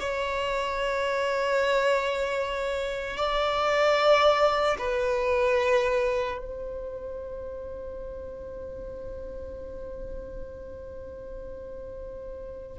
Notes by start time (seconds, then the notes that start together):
0.00 C#5
3.17 D5
4.79 B4
6.38 C5